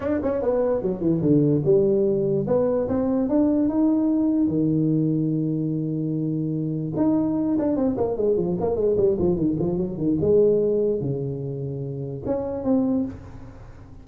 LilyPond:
\new Staff \with { instrumentName = "tuba" } { \time 4/4 \tempo 4 = 147 d'8 cis'8 b4 fis8 e8 d4 | g2 b4 c'4 | d'4 dis'2 dis4~ | dis1~ |
dis4 dis'4. d'8 c'8 ais8 | gis8 f8 ais8 gis8 g8 f8 dis8 f8 | fis8 dis8 gis2 cis4~ | cis2 cis'4 c'4 | }